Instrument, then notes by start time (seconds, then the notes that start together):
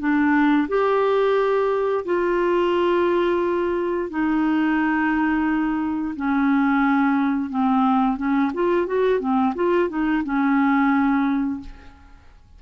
clarinet
0.00 D4
0.69 G4
2.05 F4
4.10 D#4
6.16 C#4
7.50 C4
8.18 C#4
8.54 F4
8.87 F#4
9.20 C4
9.55 F4
9.89 D#4
10.25 C#4